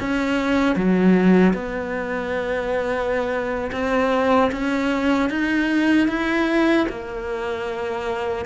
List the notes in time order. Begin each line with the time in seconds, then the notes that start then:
0.00 C#4
0.76 F#3
1.54 B3
3.72 C4
4.52 C#4
5.30 D#4
6.08 E4
6.89 A#3